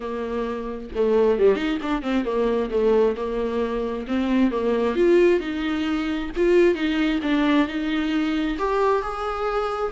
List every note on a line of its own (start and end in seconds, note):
0.00 0.89 A#3
0.95 1.38 A3
1.38 1.55 G3
1.55 1.78 D#4
1.82 2.02 D4
2.02 2.24 C4
2.24 2.69 A#3
2.70 3.15 A3
3.16 4.06 A#3
4.07 4.51 C4
4.51 4.95 A#3
4.95 5.40 F4
5.40 6.30 D#4
6.36 6.74 F4
6.74 7.19 D#4
7.22 7.67 D4
7.67 8.57 D#4
8.58 9.01 G4
9.01 9.92 G#4